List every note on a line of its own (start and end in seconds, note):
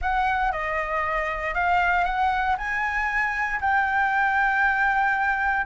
0.01 0.52 F#5
0.52 1.54 D#5
1.54 2.04 F5
2.04 2.56 F#5
2.57 3.60 G#5
3.60 5.65 G5